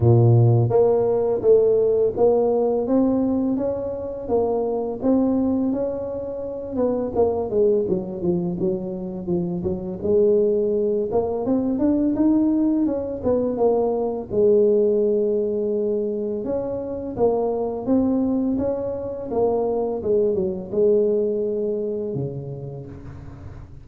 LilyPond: \new Staff \with { instrumentName = "tuba" } { \time 4/4 \tempo 4 = 84 ais,4 ais4 a4 ais4 | c'4 cis'4 ais4 c'4 | cis'4. b8 ais8 gis8 fis8 f8 | fis4 f8 fis8 gis4. ais8 |
c'8 d'8 dis'4 cis'8 b8 ais4 | gis2. cis'4 | ais4 c'4 cis'4 ais4 | gis8 fis8 gis2 cis4 | }